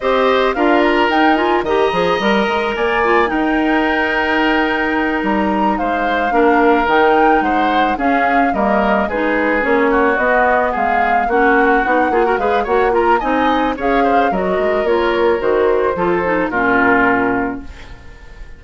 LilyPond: <<
  \new Staff \with { instrumentName = "flute" } { \time 4/4 \tempo 4 = 109 dis''4 f''8 ais''8 g''8 gis''8 ais''4~ | ais''4 gis''4 g''2~ | g''4. ais''4 f''4.~ | f''8 g''4 fis''4 f''4 dis''8~ |
dis''8 b'4 cis''4 dis''4 f''8~ | f''8 fis''2 f''8 fis''8 ais''8 | gis''4 f''4 dis''4 cis''4 | c''2 ais'2 | }
  \new Staff \with { instrumentName = "oboe" } { \time 4/4 c''4 ais'2 dis''4~ | dis''4 d''4 ais'2~ | ais'2~ ais'8 c''4 ais'8~ | ais'4. c''4 gis'4 ais'8~ |
ais'8 gis'4. fis'4. gis'8~ | gis'8 fis'4. gis'16 ais'16 b'8 cis''8 ais'8 | dis''4 cis''8 c''8 ais'2~ | ais'4 a'4 f'2 | }
  \new Staff \with { instrumentName = "clarinet" } { \time 4/4 g'4 f'4 dis'8 f'8 g'8 gis'8 | ais'4. f'8 dis'2~ | dis'2.~ dis'8 d'8~ | d'8 dis'2 cis'4 ais8~ |
ais8 dis'4 cis'4 b4.~ | b8 cis'4 dis'8 f'16 fis'16 gis'8 fis'8 f'8 | dis'4 gis'4 fis'4 f'4 | fis'4 f'8 dis'8 cis'2 | }
  \new Staff \with { instrumentName = "bassoon" } { \time 4/4 c'4 d'4 dis'4 dis8 f8 | g8 gis8 ais4 dis'2~ | dis'4. g4 gis4 ais8~ | ais8 dis4 gis4 cis'4 g8~ |
g8 gis4 ais4 b4 gis8~ | gis8 ais4 b8 ais8 gis8 ais4 | c'4 cis'4 fis8 gis8 ais4 | dis4 f4 ais,2 | }
>>